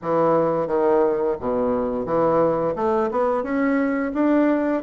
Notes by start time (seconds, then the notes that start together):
0.02 E3
0.67 D#3
1.40 B2
2.05 E3
2.75 A3
3.11 B3
3.43 C#4
4.14 D4